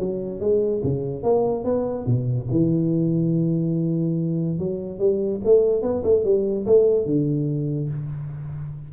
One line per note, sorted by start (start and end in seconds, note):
0.00 0.40 F#3
0.40 0.82 G#3
0.84 1.23 C#3
1.23 1.65 A#3
1.65 2.06 B3
2.06 2.48 B2
2.51 4.59 E3
4.59 4.99 F#3
4.99 5.41 G3
5.45 5.83 A3
5.83 6.04 B3
6.04 6.24 A3
6.25 6.66 G3
6.66 7.06 A3
7.06 7.90 D3